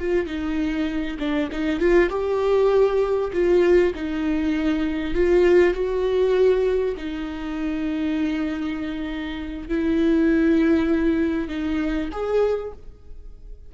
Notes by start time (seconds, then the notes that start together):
0.00 F4
0.27 D#4
1.20 D4
1.52 D#4
1.80 F4
2.10 G4
3.33 F4
3.95 D#4
5.15 F4
5.74 F#4
6.97 D#4
9.69 E4
11.49 D#4
12.12 G#4